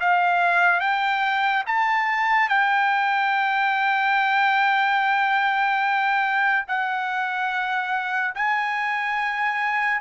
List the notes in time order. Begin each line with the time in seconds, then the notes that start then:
0.00 F5
0.80 G5
1.67 A5
2.49 G5
6.67 F#5
8.35 G#5